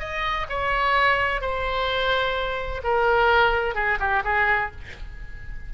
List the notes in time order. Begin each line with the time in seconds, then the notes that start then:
0.00 D#5
0.49 C#5
1.41 C5
2.84 A#4
3.75 G#4
4.00 G4
4.25 G#4